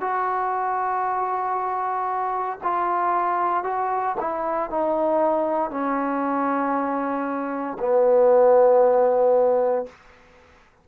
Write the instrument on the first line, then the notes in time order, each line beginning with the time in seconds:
trombone
0.00 F#4
2.63 F4
3.63 F#4
4.20 E4
4.70 D#4
5.70 C#4
7.79 B3